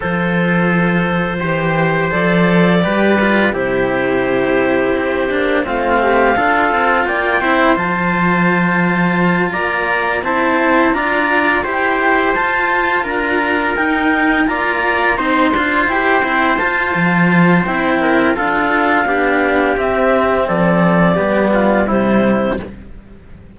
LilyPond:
<<
  \new Staff \with { instrumentName = "clarinet" } { \time 4/4 \tempo 4 = 85 c''2. d''4~ | d''4 c''2. | f''2 g''4 a''4~ | a''4. ais''4 a''4 ais''8~ |
ais''8 g''4 a''4 ais''4 g''8~ | g''8 ais''4 c'''4 g''4 a''8~ | a''4 g''4 f''2 | e''4 d''2 c''4 | }
  \new Staff \with { instrumentName = "trumpet" } { \time 4/4 a'2 c''2 | b'4 g'2. | f'8 g'8 a'4 d''8 c''4.~ | c''4. d''4 c''4 d''8~ |
d''8 c''2 ais'4.~ | ais'8 d''4 c''2~ c''8~ | c''4. ais'8 a'4 g'4~ | g'4 a'4 g'8 f'8 e'4 | }
  \new Staff \with { instrumentName = "cello" } { \time 4/4 f'2 g'4 a'4 | g'8 f'8 e'2~ e'8 d'8 | c'4 f'4. e'8 f'4~ | f'2~ f'8 e'4 f'8~ |
f'8 g'4 f'2 dis'8~ | dis'8 f'4 dis'8 f'8 g'8 e'8 f'8~ | f'4 e'4 f'4 d'4 | c'2 b4 g4 | }
  \new Staff \with { instrumentName = "cello" } { \time 4/4 f2 e4 f4 | g4 c2 c'8 ais8 | a4 d'8 c'8 ais8 c'8 f4~ | f4. ais4 c'4 d'8~ |
d'8 e'4 f'4 d'4 dis'8~ | dis'8 ais4 c'8 d'8 e'8 c'8 f'8 | f4 c'4 d'4 b4 | c'4 f4 g4 c4 | }
>>